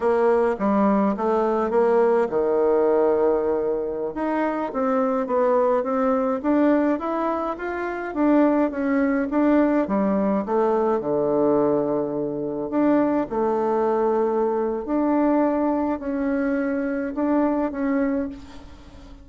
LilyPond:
\new Staff \with { instrumentName = "bassoon" } { \time 4/4 \tempo 4 = 105 ais4 g4 a4 ais4 | dis2.~ dis16 dis'8.~ | dis'16 c'4 b4 c'4 d'8.~ | d'16 e'4 f'4 d'4 cis'8.~ |
cis'16 d'4 g4 a4 d8.~ | d2~ d16 d'4 a8.~ | a2 d'2 | cis'2 d'4 cis'4 | }